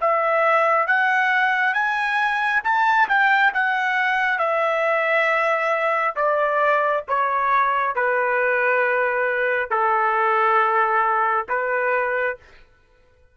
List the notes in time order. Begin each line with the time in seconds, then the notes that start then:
0.00 E5
0.87 F#5
1.73 G#5
2.64 A5
3.08 G5
3.53 F#5
4.38 E5
6.15 D5
7.08 C#5
7.95 B4
9.70 A4
11.48 B4